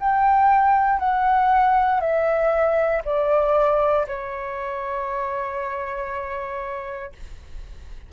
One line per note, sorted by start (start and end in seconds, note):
0.00 0.99 G5
0.99 2.01 F#5
2.01 3.02 E5
3.05 4.07 D5
4.08 7.13 C#5